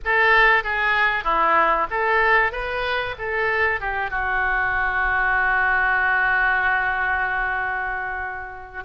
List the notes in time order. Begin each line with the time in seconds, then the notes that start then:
0.04 A4
0.63 G#4
1.23 E4
1.90 A4
2.52 B4
3.18 A4
3.80 G4
4.10 F#4